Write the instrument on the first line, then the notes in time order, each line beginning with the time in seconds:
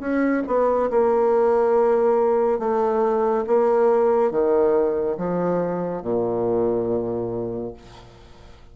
bassoon
0.00 C#4
0.47 B3
0.91 A#3
2.59 A3
3.47 A#3
4.31 D#3
5.17 F3
6.03 A#2